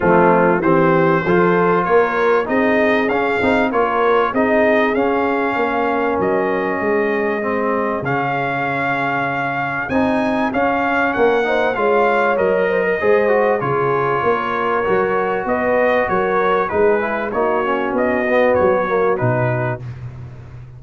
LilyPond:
<<
  \new Staff \with { instrumentName = "trumpet" } { \time 4/4 \tempo 4 = 97 f'4 c''2 cis''4 | dis''4 f''4 cis''4 dis''4 | f''2 dis''2~ | dis''4 f''2. |
gis''4 f''4 fis''4 f''4 | dis''2 cis''2~ | cis''4 dis''4 cis''4 b'4 | cis''4 dis''4 cis''4 b'4 | }
  \new Staff \with { instrumentName = "horn" } { \time 4/4 c'4 g'4 a'4 ais'4 | gis'2 ais'4 gis'4~ | gis'4 ais'2 gis'4~ | gis'1~ |
gis'2 ais'8 c''8 cis''4~ | cis''8 c''16 ais'16 c''4 gis'4 ais'4~ | ais'4 b'4 ais'4 gis'4 | fis'1 | }
  \new Staff \with { instrumentName = "trombone" } { \time 4/4 a4 c'4 f'2 | dis'4 cis'8 dis'8 f'4 dis'4 | cis'1 | c'4 cis'2. |
dis'4 cis'4. dis'8 f'4 | ais'4 gis'8 fis'8 f'2 | fis'2. dis'8 e'8 | dis'8 cis'4 b4 ais8 dis'4 | }
  \new Staff \with { instrumentName = "tuba" } { \time 4/4 f4 e4 f4 ais4 | c'4 cis'8 c'8 ais4 c'4 | cis'4 ais4 fis4 gis4~ | gis4 cis2. |
c'4 cis'4 ais4 gis4 | fis4 gis4 cis4 ais4 | fis4 b4 fis4 gis4 | ais4 b4 fis4 b,4 | }
>>